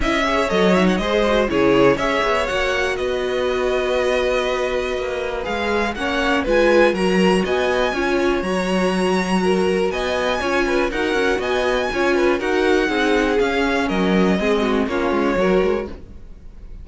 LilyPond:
<<
  \new Staff \with { instrumentName = "violin" } { \time 4/4 \tempo 4 = 121 e''4 dis''8 e''16 fis''16 dis''4 cis''4 | e''4 fis''4 dis''2~ | dis''2. f''4 | fis''4 gis''4 ais''4 gis''4~ |
gis''4 ais''2. | gis''2 fis''4 gis''4~ | gis''4 fis''2 f''4 | dis''2 cis''2 | }
  \new Staff \with { instrumentName = "violin" } { \time 4/4 dis''8 cis''4. c''4 gis'4 | cis''2 b'2~ | b'1 | cis''4 b'4 ais'4 dis''4 |
cis''2. ais'4 | dis''4 cis''8 b'8 ais'4 dis''4 | cis''8 b'8 ais'4 gis'2 | ais'4 gis'8 fis'8 f'4 ais'4 | }
  \new Staff \with { instrumentName = "viola" } { \time 4/4 e'8 gis'8 a'8 dis'8 gis'8 fis'8 e'4 | gis'4 fis'2.~ | fis'2. gis'4 | cis'4 f'4 fis'2 |
f'4 fis'2.~ | fis'4 f'4 fis'2 | f'4 fis'4 dis'4 cis'4~ | cis'4 c'4 cis'4 fis'4 | }
  \new Staff \with { instrumentName = "cello" } { \time 4/4 cis'4 fis4 gis4 cis4 | cis'8 b8 ais4 b2~ | b2 ais4 gis4 | ais4 gis4 fis4 b4 |
cis'4 fis2. | b4 cis'4 dis'8 cis'8 b4 | cis'4 dis'4 c'4 cis'4 | fis4 gis4 ais8 gis8 fis8 gis8 | }
>>